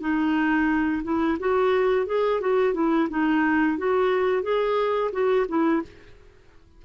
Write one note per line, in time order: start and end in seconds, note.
0.00 1.02 D#4
1.03 1.37 E4
1.39 2.06 F#4
2.06 2.40 G#4
2.40 2.74 F#4
2.74 3.08 E4
3.09 3.77 D#4
3.77 4.42 F#4
4.42 5.10 G#4
5.12 5.46 F#4
5.48 5.82 E4